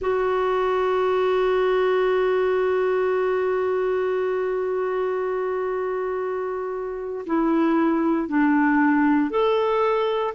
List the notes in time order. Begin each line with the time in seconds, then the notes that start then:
0.01 F#4
7.26 E4
8.28 D4
9.30 A4